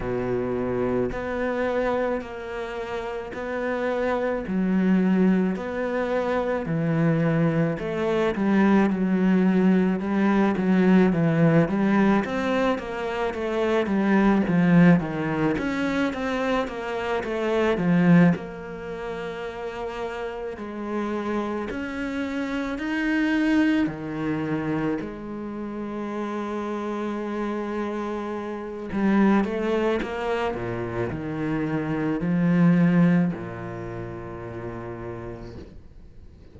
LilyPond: \new Staff \with { instrumentName = "cello" } { \time 4/4 \tempo 4 = 54 b,4 b4 ais4 b4 | fis4 b4 e4 a8 g8 | fis4 g8 fis8 e8 g8 c'8 ais8 | a8 g8 f8 dis8 cis'8 c'8 ais8 a8 |
f8 ais2 gis4 cis'8~ | cis'8 dis'4 dis4 gis4.~ | gis2 g8 a8 ais8 ais,8 | dis4 f4 ais,2 | }